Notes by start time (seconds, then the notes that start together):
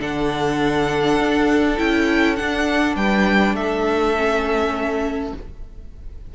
0.00 D3 D4 A4 F#5
1.20 D4
1.78 C#4 E4 G5
2.36 D4 F#5
2.96 G3 B4 G5
3.55 A3 A4 E5
4.17 C#4